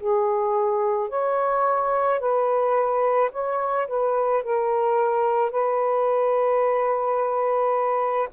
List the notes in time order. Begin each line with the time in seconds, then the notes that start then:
0.00 G#4
1.09 C#5
2.20 B4
3.32 C#5
3.88 B4
4.44 A#4
5.52 B4